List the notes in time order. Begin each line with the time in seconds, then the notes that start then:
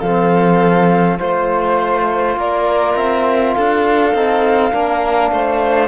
0.00 F3 C4 A4 F5
1.18 A3 F4 C5
2.36 A#3 A#4 D5
2.96 C4 E5
3.54 D4 A4 F5
4.13 C4 D#4
4.72 A#3 D4 A#4
5.31 A3 C5